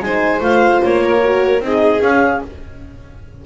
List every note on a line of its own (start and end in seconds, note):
0.00 0.40 G#3
0.00 0.40 D#4
0.00 1.03 C5
0.00 0.41 G#5
0.40 0.80 A3
0.40 1.20 F4
0.40 0.82 F5
0.83 1.60 A#3
0.83 1.63 C#5
1.03 1.63 A#4
1.22 1.62 F#4
1.60 2.00 C4
1.60 2.03 D#4
1.60 2.46 G#4
1.60 2.02 D#5
2.01 2.41 C#4
2.01 2.45 C#4
2.01 2.42 F5